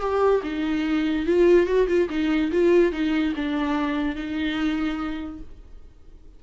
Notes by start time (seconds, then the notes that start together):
0.00 G4
0.43 D#4
1.26 F4
1.66 F#4
1.87 F4
2.09 D#4
2.51 F4
2.92 D#4
3.35 D4
4.15 D#4